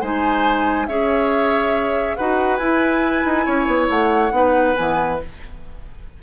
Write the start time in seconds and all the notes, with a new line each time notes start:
0.00 G#3 D#4 C5 G#5
0.86 C#4 G#4 C#5 E5
2.15 D#4 F#4 B4 F#5
2.56 E4 G#5
3.24 D#4
3.45 C#4 C#5
3.66 B3
3.89 A3 F#5
4.31 B3 D#4 B4
4.75 E3 B3 G#5